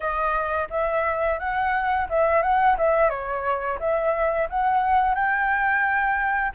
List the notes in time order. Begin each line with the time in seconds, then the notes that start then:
0.00 D#5
0.70 E5
1.39 F#5
2.09 E5
2.42 F#5
2.77 E5
3.09 C#5
3.79 E5
4.49 F#5
5.14 G5